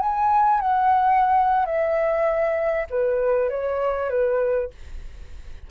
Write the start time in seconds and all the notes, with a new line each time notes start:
0.00 G#5
0.61 F#5
1.66 E5
2.90 B4
3.50 C#5
4.10 B4